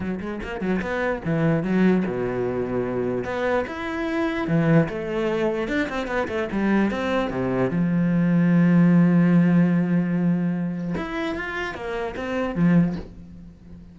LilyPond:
\new Staff \with { instrumentName = "cello" } { \time 4/4 \tempo 4 = 148 fis8 gis8 ais8 fis8 b4 e4 | fis4 b,2. | b4 e'2 e4 | a2 d'8 c'8 b8 a8 |
g4 c'4 c4 f4~ | f1~ | f2. e'4 | f'4 ais4 c'4 f4 | }